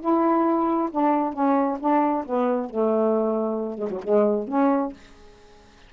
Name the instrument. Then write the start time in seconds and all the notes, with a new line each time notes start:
saxophone
0.00 E4
0.91 D4
1.33 C#4
1.80 D4
2.25 B3
2.70 A3
3.78 G#3
3.90 F#3
4.03 G#3
4.48 C#4